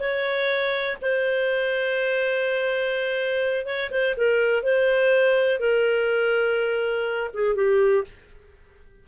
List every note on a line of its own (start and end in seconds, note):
0.00 0.98 C#5
1.02 3.66 C5
3.66 3.90 C#5
3.91 4.15 C5
4.17 4.63 A#4
4.63 5.60 C5
5.60 7.31 A#4
7.34 7.55 G#4
7.55 8.04 G4